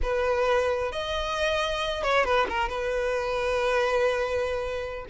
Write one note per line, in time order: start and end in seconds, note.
0.02 0.92 B4
0.92 2.03 D#5
2.03 2.24 C#5
2.24 2.46 B4
2.49 2.68 A#4
2.68 5.05 B4